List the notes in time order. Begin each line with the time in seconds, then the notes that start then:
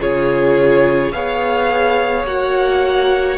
0.00 C#3 F4 G#4 C#5
1.12 B3 G#4 C#5 F5
2.24 A#3 F#4 F#5